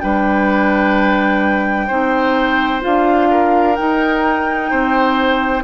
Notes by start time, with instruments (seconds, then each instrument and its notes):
0.00 bassoon G3, clarinet D4, oboe B4, flute G5
1.88 bassoon C4, clarinet D#4, oboe C5
2.81 bassoon D4, clarinet F4, flute F5
3.31 oboe A#4
3.76 clarinet D#4, bassoon D#4, flute G5
4.71 bassoon C4, oboe C5